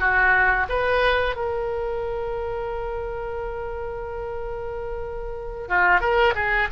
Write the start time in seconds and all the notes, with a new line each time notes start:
0.00 F#4
0.69 B4
1.36 A#4
5.68 F4
6.01 A#4
6.35 G#4